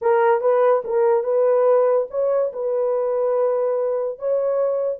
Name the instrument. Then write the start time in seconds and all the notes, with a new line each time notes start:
horn
0.01 A#4
0.40 B4
0.84 A#4
1.23 B4
2.10 C#5
2.52 B4
4.19 C#5